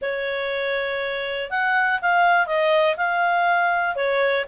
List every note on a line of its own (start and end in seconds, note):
0.01 1.50 C#5
1.50 2.00 F#5
2.01 2.46 F5
2.46 2.95 D#5
2.97 3.95 F5
3.95 4.45 C#5